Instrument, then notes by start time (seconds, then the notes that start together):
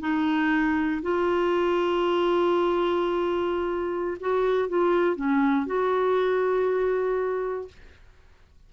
clarinet
0.00 D#4
1.02 F4
4.20 F#4
4.68 F4
5.15 C#4
5.66 F#4